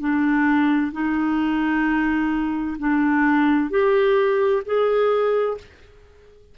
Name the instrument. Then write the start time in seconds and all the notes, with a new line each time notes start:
clarinet
0.00 D4
0.93 D#4
2.79 D4
3.70 G4
4.66 G#4